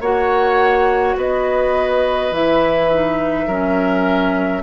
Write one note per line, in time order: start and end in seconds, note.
0.00 1.15 A#3
0.00 2.33 F#4
0.00 1.16 C#5
0.00 1.17 F#5
1.16 2.31 B3
1.16 3.47 B4
1.16 2.34 D#5
2.31 3.46 E3
2.31 2.90 E4
2.31 4.62 E5
2.91 3.49 D#4
3.46 4.62 F#3
3.46 4.62 C#4
3.46 4.62 A#4